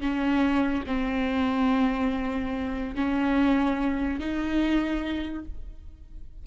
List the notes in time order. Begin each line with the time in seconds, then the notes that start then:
0.00 C#4
0.86 C4
2.95 C#4
4.19 D#4